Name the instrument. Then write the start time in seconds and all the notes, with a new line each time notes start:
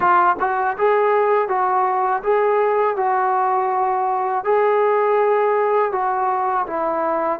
trombone
0.00 F4
0.39 F#4
0.77 G#4
1.48 F#4
2.23 G#4
2.96 F#4
4.44 G#4
5.92 F#4
6.66 E4